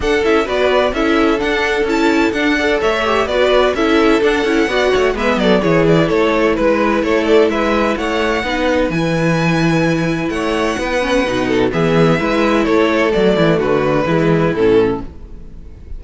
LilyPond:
<<
  \new Staff \with { instrumentName = "violin" } { \time 4/4 \tempo 4 = 128 fis''8 e''8 d''4 e''4 fis''4 | a''4 fis''4 e''4 d''4 | e''4 fis''2 e''8 d''8 | cis''8 d''8 cis''4 b'4 cis''8 d''8 |
e''4 fis''2 gis''4~ | gis''2 fis''2~ | fis''4 e''2 cis''4 | d''4 b'2 a'4 | }
  \new Staff \with { instrumentName = "violin" } { \time 4/4 a'4 b'4 a'2~ | a'4. d''8 cis''4 b'4 | a'2 d''8 cis''8 b'8 a'8 | gis'4 a'4 b'4 a'4 |
b'4 cis''4 b'2~ | b'2 cis''4 b'4~ | b'8 a'8 gis'4 b'4 a'4~ | a'8 e'8 fis'4 e'2 | }
  \new Staff \with { instrumentName = "viola" } { \time 4/4 d'8 e'8 fis'4 e'4 d'4 | e'4 d'8 a'4 g'8 fis'4 | e'4 d'8 e'8 fis'4 b4 | e'1~ |
e'2 dis'4 e'4~ | e'2.~ e'8 cis'8 | dis'4 b4 e'2 | a2 gis4 cis'4 | }
  \new Staff \with { instrumentName = "cello" } { \time 4/4 d'8 cis'8 b4 cis'4 d'4 | cis'4 d'4 a4 b4 | cis'4 d'8 cis'8 b8 a8 gis8 fis8 | e4 a4 gis4 a4 |
gis4 a4 b4 e4~ | e2 a4 b4 | b,4 e4 gis4 a4 | fis8 e8 d4 e4 a,4 | }
>>